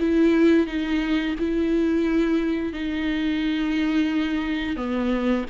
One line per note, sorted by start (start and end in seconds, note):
0.00 0.67 E4
0.67 1.35 D#4
1.40 2.73 E4
2.73 4.77 D#4
4.77 5.45 B3